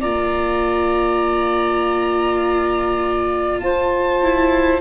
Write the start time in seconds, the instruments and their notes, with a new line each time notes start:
0.00 tuba A#3, viola F4, saxophone D5, violin A#5
3.60 tuba F4, saxophone C5, violin A5
4.22 viola E4